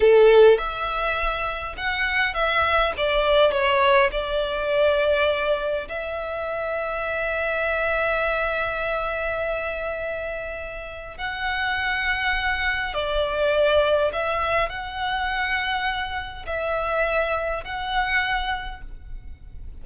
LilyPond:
\new Staff \with { instrumentName = "violin" } { \time 4/4 \tempo 4 = 102 a'4 e''2 fis''4 | e''4 d''4 cis''4 d''4~ | d''2 e''2~ | e''1~ |
e''2. fis''4~ | fis''2 d''2 | e''4 fis''2. | e''2 fis''2 | }